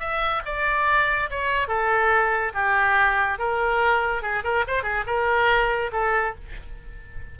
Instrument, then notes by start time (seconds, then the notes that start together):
oboe
0.00 E5
0.46 D5
1.30 C#5
1.68 A4
2.54 G4
3.39 A#4
4.22 G#4
4.44 A#4
4.67 C5
4.83 G#4
5.07 A#4
5.93 A4